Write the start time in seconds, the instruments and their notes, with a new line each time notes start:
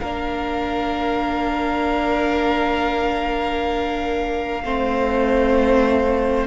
0.00 cello A#3, viola D4, violin A#4 F5
4.64 cello A3, viola C4, violin C5